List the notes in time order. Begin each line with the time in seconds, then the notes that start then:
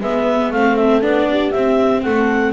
0.00 G#3 B3 B4 E5
0.51 A3 C4 A4 F5
0.76 E5
1.02 B3 D4 D5
1.31 G4
1.52 C4 E5
2.03 A3 A4 F#5